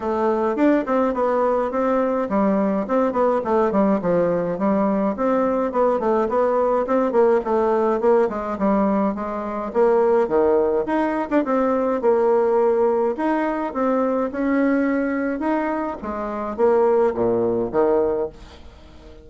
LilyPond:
\new Staff \with { instrumentName = "bassoon" } { \time 4/4 \tempo 4 = 105 a4 d'8 c'8 b4 c'4 | g4 c'8 b8 a8 g8 f4 | g4 c'4 b8 a8 b4 | c'8 ais8 a4 ais8 gis8 g4 |
gis4 ais4 dis4 dis'8. d'16 | c'4 ais2 dis'4 | c'4 cis'2 dis'4 | gis4 ais4 ais,4 dis4 | }